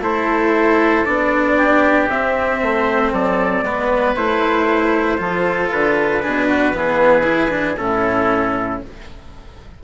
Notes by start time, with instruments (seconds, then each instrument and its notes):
0.00 bassoon A3, cello E4, oboe A4, trumpet C5
1.05 bassoon B3, cello D4, trumpet D5
1.57 oboe G4
2.08 bassoon C4, cello C4, trumpet E5
2.61 bassoon A3, oboe C5
3.12 bassoon F#3, oboe A4, trumpet D5
3.61 bassoon G#3, cello B3, oboe B4
4.16 bassoon A3, cello E4, trumpet C5
5.17 bassoon F3, cello F4, oboe A4
5.71 bassoon D3, trumpet B4
6.22 bassoon B2, cello D4, oboe G#4
6.47 oboe F#4
6.73 bassoon E3, cello B3, oboe G#4
7.23 cello E4
7.49 cello D4
7.77 bassoon A2, cello C#4, oboe E4, trumpet A4